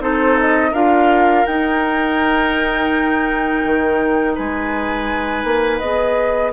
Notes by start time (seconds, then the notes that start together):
0.00 C4 D#4 A4 C5
0.40 D#5
0.71 D4 F4 A#4 F5
1.46 D#4 G5
3.65 D#3
4.35 G#3 B4 G#5
5.44 A#3
5.79 B3 G#4 D#5